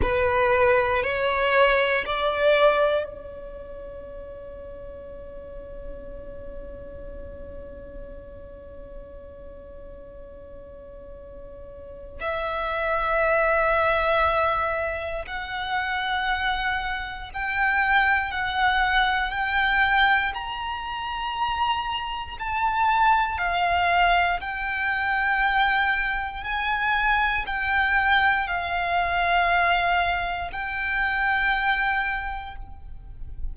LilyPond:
\new Staff \with { instrumentName = "violin" } { \time 4/4 \tempo 4 = 59 b'4 cis''4 d''4 cis''4~ | cis''1~ | cis''1 | e''2. fis''4~ |
fis''4 g''4 fis''4 g''4 | ais''2 a''4 f''4 | g''2 gis''4 g''4 | f''2 g''2 | }